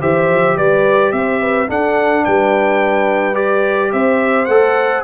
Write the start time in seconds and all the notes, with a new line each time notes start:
0.00 E3 G4 C5 E5
0.28 F3
0.56 G3 B4 D5
1.12 C4 C5 E5
1.41 B4
1.67 D4 A4 F#5
2.24 G3 B4 G5
3.34 G4 D5
3.92 C4 C5 E5
4.45 A3 A4 F#5